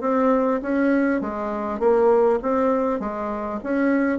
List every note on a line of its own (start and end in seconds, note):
0.00 0.60 C4
0.62 1.21 C#4
1.21 1.79 G#3
1.79 2.39 A#3
2.42 2.99 C4
2.99 3.59 G#3
3.63 4.18 C#4